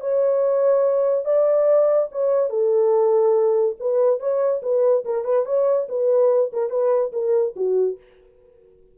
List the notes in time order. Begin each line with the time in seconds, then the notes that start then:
0.00 C#5
1.25 D5
2.12 C#5
2.49 A4
3.79 B4
4.19 C#5
4.62 B4
5.05 A#4
5.24 B4
5.45 C#5
5.88 B4
6.52 A#4
6.70 B4
7.12 A#4
7.56 F#4